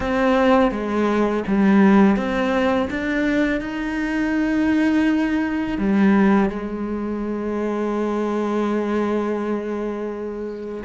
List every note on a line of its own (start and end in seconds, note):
0.00 0.71 C4
0.71 1.43 G#3
1.47 2.16 G3
2.16 2.88 C4
2.89 3.60 D4
3.60 5.77 D#4
5.78 6.49 G3
6.49 10.83 G#3